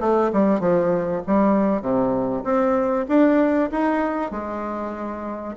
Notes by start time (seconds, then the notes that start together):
0.00 A3
0.33 G3
0.60 F3
1.27 G3
1.82 C3
2.44 C4
3.08 D4
3.71 D#4
4.31 G#3